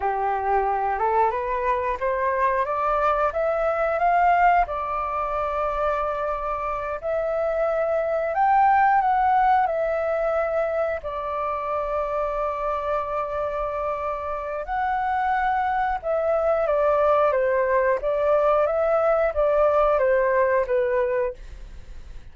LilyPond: \new Staff \with { instrumentName = "flute" } { \time 4/4 \tempo 4 = 90 g'4. a'8 b'4 c''4 | d''4 e''4 f''4 d''4~ | d''2~ d''8 e''4.~ | e''8 g''4 fis''4 e''4.~ |
e''8 d''2.~ d''8~ | d''2 fis''2 | e''4 d''4 c''4 d''4 | e''4 d''4 c''4 b'4 | }